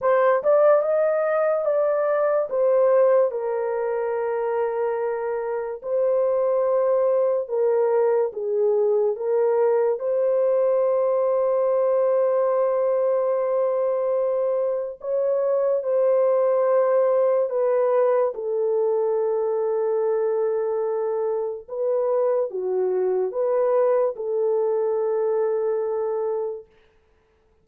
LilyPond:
\new Staff \with { instrumentName = "horn" } { \time 4/4 \tempo 4 = 72 c''8 d''8 dis''4 d''4 c''4 | ais'2. c''4~ | c''4 ais'4 gis'4 ais'4 | c''1~ |
c''2 cis''4 c''4~ | c''4 b'4 a'2~ | a'2 b'4 fis'4 | b'4 a'2. | }